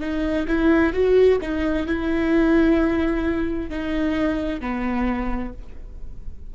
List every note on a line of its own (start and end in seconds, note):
0.00 0.46 D#4
0.47 0.93 E4
0.93 1.39 F#4
1.41 1.87 D#4
1.87 3.70 E4
3.70 4.60 D#4
4.60 5.53 B3